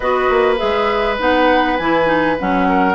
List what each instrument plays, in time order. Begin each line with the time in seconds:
0.00 bassoon B3, clarinet F#4, oboe B4, flute D#5
0.29 bassoon A#3
0.57 bassoon G#3, clarinet G#4, flute E5
1.19 bassoon B3, clarinet D#4, flute F#5
1.77 bassoon E3, clarinet E4, flute G#5
2.05 clarinet D#4
2.39 bassoon F#3, clarinet C#4, flute F#5
2.68 oboe A#4